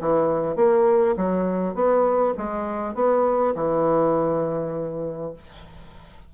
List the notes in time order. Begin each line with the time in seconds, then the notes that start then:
0.00 E3
0.55 A#3
1.16 F#3
1.74 B3
2.37 G#3
2.94 B3
3.55 E3